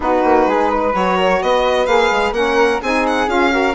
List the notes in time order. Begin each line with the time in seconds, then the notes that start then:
0.00 B3 D#4 F#4 B4
0.24 A#3
0.46 G#3 G#4
0.69 B4
0.93 F#3 F#4 C#5
1.16 A#4
1.42 B3 B4 D#5
1.86 A#3 G#4 F5
2.11 G#3
2.31 A#3 C#4 A#4 F#5
2.81 C4 D#4 G#4 G#5
3.06 F#5
3.27 C#4 F4 F5
3.50 F#4 A#4